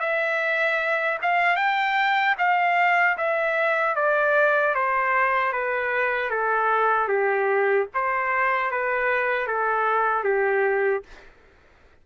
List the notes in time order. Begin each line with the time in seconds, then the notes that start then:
0.00 E5
1.22 F5
1.56 G5
2.38 F5
3.17 E5
3.95 D5
4.74 C5
5.53 B4
6.30 A4
7.08 G4
7.94 C5
8.71 B4
9.47 A4
10.24 G4